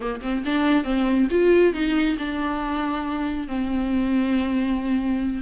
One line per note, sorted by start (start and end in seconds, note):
0.00 0.21 A#3
0.21 0.43 C4
0.45 0.84 D4
0.84 1.27 C4
1.30 1.73 F4
1.73 2.16 D#4
2.18 3.47 D4
3.47 5.42 C4